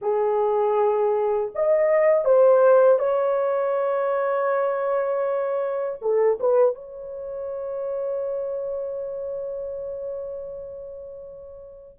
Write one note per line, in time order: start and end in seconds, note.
0.01 1.51 G#4
1.54 2.24 D#5
2.24 2.98 C5
2.98 5.98 C#5
6.01 6.39 A4
6.40 6.74 B4
6.74 11.98 C#5